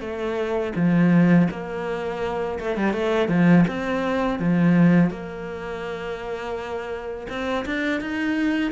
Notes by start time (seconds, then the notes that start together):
0.00 A3
0.75 F3
1.50 A#3
2.59 A3
2.76 G3
2.93 A3
3.28 F3
3.67 C4
4.39 F3
5.10 A#3
7.29 C4
7.65 D4
8.00 D#4